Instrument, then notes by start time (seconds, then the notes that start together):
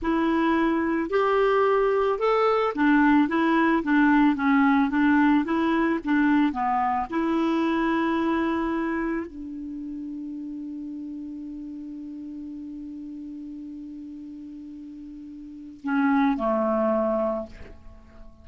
clarinet
0.02 E4
1.10 G4
2.18 A4
2.74 D4
3.28 E4
3.83 D4
4.35 C#4
4.90 D4
5.44 E4
6.04 D4
6.52 B3
7.10 E4
9.26 D4
15.83 C#4
16.37 A3